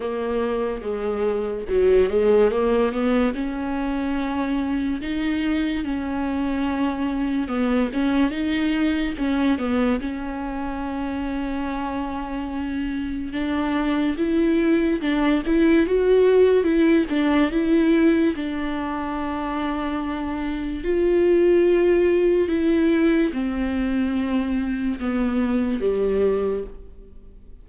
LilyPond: \new Staff \with { instrumentName = "viola" } { \time 4/4 \tempo 4 = 72 ais4 gis4 fis8 gis8 ais8 b8 | cis'2 dis'4 cis'4~ | cis'4 b8 cis'8 dis'4 cis'8 b8 | cis'1 |
d'4 e'4 d'8 e'8 fis'4 | e'8 d'8 e'4 d'2~ | d'4 f'2 e'4 | c'2 b4 g4 | }